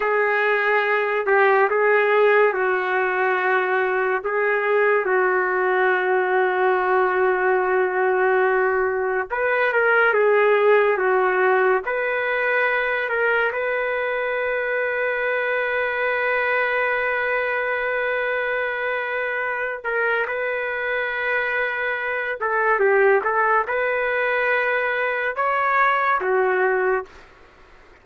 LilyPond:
\new Staff \with { instrumentName = "trumpet" } { \time 4/4 \tempo 4 = 71 gis'4. g'8 gis'4 fis'4~ | fis'4 gis'4 fis'2~ | fis'2. b'8 ais'8 | gis'4 fis'4 b'4. ais'8 |
b'1~ | b'2.~ b'8 ais'8 | b'2~ b'8 a'8 g'8 a'8 | b'2 cis''4 fis'4 | }